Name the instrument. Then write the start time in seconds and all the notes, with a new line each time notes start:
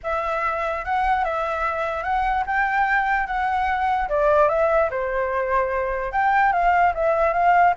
flute
0.03 E5
0.84 F#5
1.24 E5
2.03 F#5
2.46 G5
3.27 F#5
4.08 D5
4.48 E5
4.90 C5
6.12 G5
6.52 F5
6.94 E5
7.33 F5